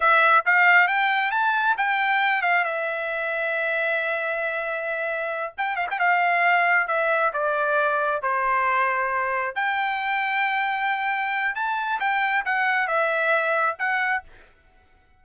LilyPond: \new Staff \with { instrumentName = "trumpet" } { \time 4/4 \tempo 4 = 135 e''4 f''4 g''4 a''4 | g''4. f''8 e''2~ | e''1~ | e''8 g''8 f''16 g''16 f''2 e''8~ |
e''8 d''2 c''4.~ | c''4. g''2~ g''8~ | g''2 a''4 g''4 | fis''4 e''2 fis''4 | }